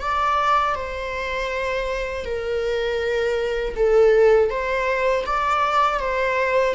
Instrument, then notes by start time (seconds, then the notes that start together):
viola
0.00 D5
0.75 C5
2.24 A#4
3.76 A4
4.50 C5
5.26 D5
5.99 C5